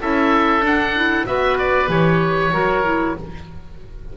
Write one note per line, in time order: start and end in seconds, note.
0.00 0.62 C#4
0.00 0.62 E4
0.00 1.27 A4
0.00 0.65 E5
0.62 1.25 D4
0.62 0.94 D4
0.62 1.27 F#5
0.96 1.27 E4
1.27 1.89 B3
1.27 1.88 F#4
1.27 2.54 B4
1.27 1.58 E5
1.59 1.90 D5
1.88 2.52 E3
1.88 2.51 G4
1.88 3.17 C#5
2.52 3.15 F#3
2.52 2.84 F#4
2.52 3.17 A#4
2.84 3.16 E4